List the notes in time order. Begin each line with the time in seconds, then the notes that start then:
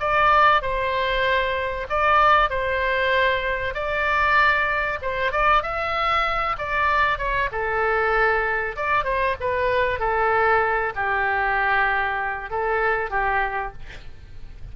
0.00 D5
0.62 C5
1.89 D5
2.50 C5
3.74 D5
5.02 C5
5.32 D5
5.63 E5
6.59 D5
7.18 C#5
7.52 A4
8.76 D5
9.05 C5
9.40 B4
9.99 A4
10.95 G4
12.50 A4
13.10 G4